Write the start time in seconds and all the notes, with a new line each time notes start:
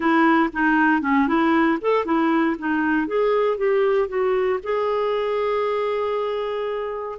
0.00 E4
0.53 D#4
1.01 C#4
1.27 E4
1.81 A4
2.05 E4
2.59 D#4
3.07 G#4
3.57 G4
4.08 F#4
4.63 G#4